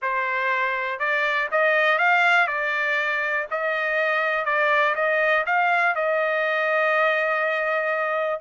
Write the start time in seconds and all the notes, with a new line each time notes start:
0.02 C5
0.99 D5
1.51 D#5
1.98 F5
2.47 D5
3.50 D#5
4.45 D5
4.95 D#5
5.45 F5
5.95 D#5